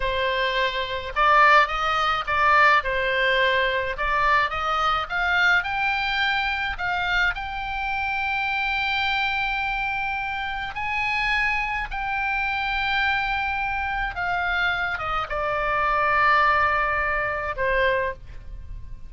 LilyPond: \new Staff \with { instrumentName = "oboe" } { \time 4/4 \tempo 4 = 106 c''2 d''4 dis''4 | d''4 c''2 d''4 | dis''4 f''4 g''2 | f''4 g''2.~ |
g''2. gis''4~ | gis''4 g''2.~ | g''4 f''4. dis''8 d''4~ | d''2. c''4 | }